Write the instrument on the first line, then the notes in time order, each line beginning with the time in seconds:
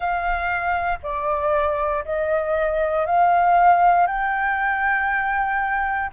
flute
0.00 F5
1.02 D5
2.04 D#5
3.06 F5
4.07 G5